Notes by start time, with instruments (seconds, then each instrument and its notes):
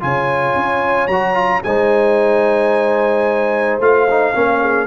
0.00 tuba C#3, trombone F4, horn C#5, trumpet G#5
0.55 tuba C#4
1.07 tuba F#3, trombone F#4, trumpet A#5
1.33 trombone F4
1.63 tuba G#3, trombone D#4, horn C5, trumpet G#5
3.79 tuba A3, trombone F4, trumpet F5
4.10 trombone D#4
4.34 tuba A#3, trombone C#4, horn A#4
4.60 horn G#4